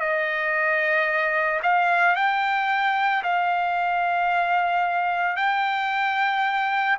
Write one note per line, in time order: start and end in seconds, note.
0.00 1.61 D#5
1.63 2.16 F5
2.16 3.23 G5
3.23 5.37 F5
5.37 6.97 G5